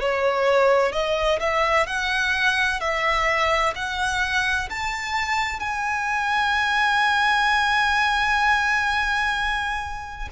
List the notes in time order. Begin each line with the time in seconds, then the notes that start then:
0.00 C#5
0.92 D#5
1.40 E5
1.87 F#5
2.80 E5
3.75 F#5
4.70 A5
5.60 G#5